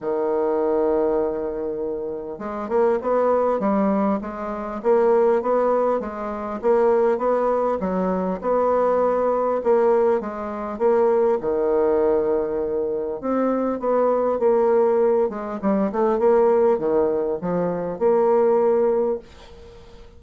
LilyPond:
\new Staff \with { instrumentName = "bassoon" } { \time 4/4 \tempo 4 = 100 dis1 | gis8 ais8 b4 g4 gis4 | ais4 b4 gis4 ais4 | b4 fis4 b2 |
ais4 gis4 ais4 dis4~ | dis2 c'4 b4 | ais4. gis8 g8 a8 ais4 | dis4 f4 ais2 | }